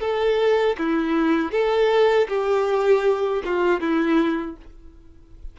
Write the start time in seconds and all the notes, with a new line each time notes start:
0.00 A4
0.77 E4
1.51 A4
2.28 G4
3.45 F4
3.80 E4